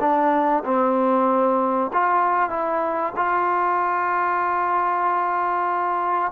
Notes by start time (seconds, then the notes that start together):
0.00 D4
0.65 C4
1.93 F4
2.49 E4
3.16 F4